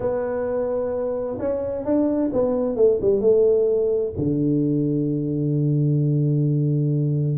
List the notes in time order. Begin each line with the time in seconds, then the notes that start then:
0.00 B3
1.39 C#4
1.84 D4
2.32 B3
2.76 A3
3.01 G3
3.21 A3
4.18 D3